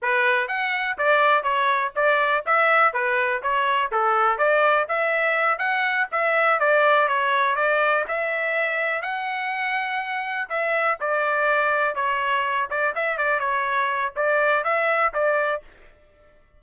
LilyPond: \new Staff \with { instrumentName = "trumpet" } { \time 4/4 \tempo 4 = 123 b'4 fis''4 d''4 cis''4 | d''4 e''4 b'4 cis''4 | a'4 d''4 e''4. fis''8~ | fis''8 e''4 d''4 cis''4 d''8~ |
d''8 e''2 fis''4.~ | fis''4. e''4 d''4.~ | d''8 cis''4. d''8 e''8 d''8 cis''8~ | cis''4 d''4 e''4 d''4 | }